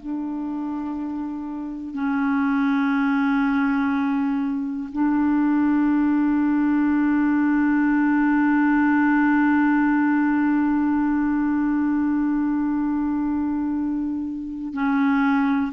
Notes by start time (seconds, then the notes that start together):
0.00 D4
1.95 C#4
4.93 D4
14.74 C#4